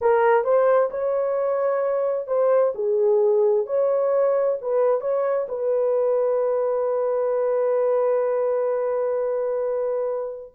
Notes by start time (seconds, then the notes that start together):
0.01 A#4
0.44 C5
0.90 C#5
2.27 C5
2.74 G#4
3.66 C#5
4.61 B4
5.00 C#5
5.48 B4